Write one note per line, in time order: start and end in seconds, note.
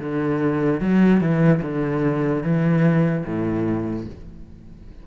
0.00 0.81 D3
0.81 1.21 F#3
1.21 1.62 E3
1.63 2.44 D3
2.44 3.25 E3
3.26 4.07 A2